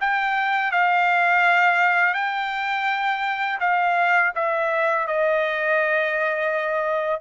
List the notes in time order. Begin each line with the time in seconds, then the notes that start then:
0.00 G5
0.71 F5
2.14 G5
3.59 F5
4.35 E5
5.07 D#5